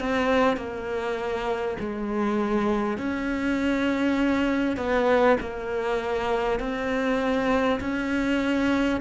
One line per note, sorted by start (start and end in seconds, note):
0.00 0.57 C4
0.57 1.77 A#3
1.79 2.97 G#3
2.97 4.77 C#4
4.77 5.37 B3
5.41 6.59 A#3
6.59 7.79 C4
7.81 9.01 C#4